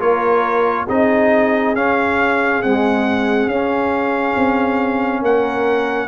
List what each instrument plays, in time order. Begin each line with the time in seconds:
0.00 tuba A#3, trombone F4, horn A#4, trumpet C#5
0.86 tuba C4, trombone D#4, horn G#4, trumpet D#5
1.76 trombone C#4, tuba C#4, trumpet F5
2.62 trombone G#3, tuba C4, trumpet F#5
3.47 tuba C#4, trombone C#4, trumpet F5
4.36 tuba C4
5.22 tuba A#3, horn A#4, trumpet F#5